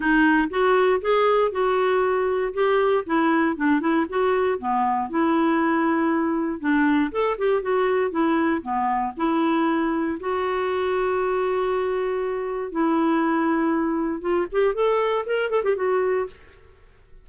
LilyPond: \new Staff \with { instrumentName = "clarinet" } { \time 4/4 \tempo 4 = 118 dis'4 fis'4 gis'4 fis'4~ | fis'4 g'4 e'4 d'8 e'8 | fis'4 b4 e'2~ | e'4 d'4 a'8 g'8 fis'4 |
e'4 b4 e'2 | fis'1~ | fis'4 e'2. | f'8 g'8 a'4 ais'8 a'16 g'16 fis'4 | }